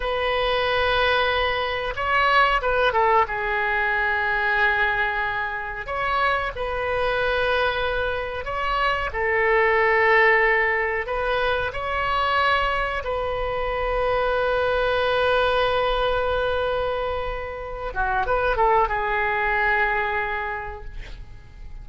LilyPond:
\new Staff \with { instrumentName = "oboe" } { \time 4/4 \tempo 4 = 92 b'2. cis''4 | b'8 a'8 gis'2.~ | gis'4 cis''4 b'2~ | b'4 cis''4 a'2~ |
a'4 b'4 cis''2 | b'1~ | b'2.~ b'8 fis'8 | b'8 a'8 gis'2. | }